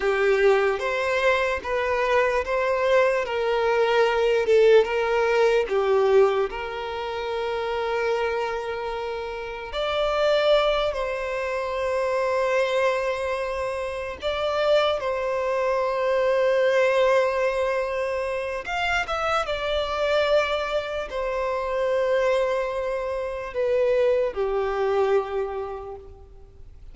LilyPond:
\new Staff \with { instrumentName = "violin" } { \time 4/4 \tempo 4 = 74 g'4 c''4 b'4 c''4 | ais'4. a'8 ais'4 g'4 | ais'1 | d''4. c''2~ c''8~ |
c''4. d''4 c''4.~ | c''2. f''8 e''8 | d''2 c''2~ | c''4 b'4 g'2 | }